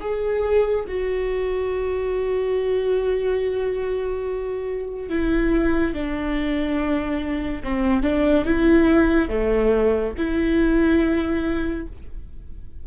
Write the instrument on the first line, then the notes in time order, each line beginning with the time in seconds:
viola
0.00 G#4
0.87 F#4
5.09 E4
5.93 D4
7.63 C4
8.02 D4
8.45 E4
9.28 A3
10.18 E4